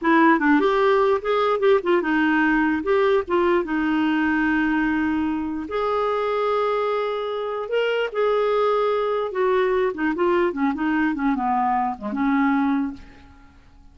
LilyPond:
\new Staff \with { instrumentName = "clarinet" } { \time 4/4 \tempo 4 = 148 e'4 d'8 g'4. gis'4 | g'8 f'8 dis'2 g'4 | f'4 dis'2.~ | dis'2 gis'2~ |
gis'2. ais'4 | gis'2. fis'4~ | fis'8 dis'8 f'4 cis'8 dis'4 cis'8 | b4. gis8 cis'2 | }